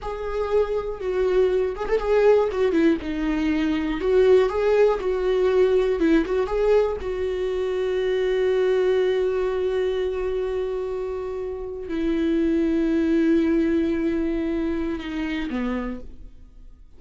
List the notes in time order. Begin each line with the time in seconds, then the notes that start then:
0.02 G#4
1.00 F#4
1.75 G#4
1.88 A4
1.99 G#4
2.51 F#4
2.72 E4
3.01 D#4
4.00 F#4
4.49 G#4
5.00 F#4
5.99 E4
6.25 F#4
6.47 G#4
7.01 F#4
11.88 E4
14.99 D#4
15.50 B3